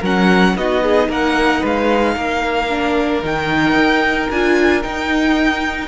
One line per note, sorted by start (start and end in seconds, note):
0.00 0.56 F#3
0.00 0.58 C#4
0.00 0.54 A#4
0.00 0.57 F#5
0.56 1.09 B3
0.56 2.69 D#4
0.56 0.83 F#4
0.56 1.11 D#5
0.83 1.09 G#4
1.09 1.62 A#3
1.09 1.61 A#4
1.09 1.65 F#5
1.61 2.16 G#3
1.61 2.15 B4
1.61 3.25 F5
2.16 3.23 A#3
2.16 5.87 A#4
2.69 3.23 D4
3.23 3.75 D#3
3.23 4.30 D#4
3.23 4.31 G5
3.75 4.29 D#4
4.30 4.84 D4
4.30 4.82 F4
4.30 4.83 G#5
4.82 5.87 D#4
4.82 5.87 G5